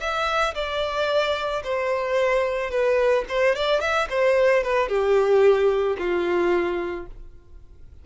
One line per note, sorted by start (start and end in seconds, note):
0.00 0.54 E5
0.54 1.62 D5
1.64 2.71 C5
2.71 3.25 B4
3.28 3.55 C5
3.55 3.81 D5
3.81 4.08 E5
4.10 4.63 C5
4.63 4.88 B4
4.88 5.97 G4
5.98 7.06 F4